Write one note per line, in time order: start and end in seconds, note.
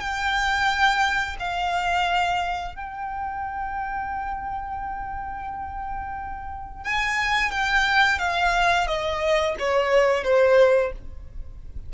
0.00 1.36 G5
1.39 2.75 F5
2.75 6.84 G5
6.84 7.51 G#5
7.51 8.18 G5
8.18 8.87 F5
8.87 9.55 D#5
9.59 10.24 C#5
10.24 10.92 C5